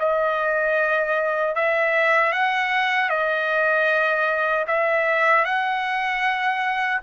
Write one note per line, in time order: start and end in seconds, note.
0.00 1.55 D#5
1.55 2.33 E5
2.33 3.10 F#5
3.10 4.66 D#5
4.68 5.45 E5
5.45 7.01 F#5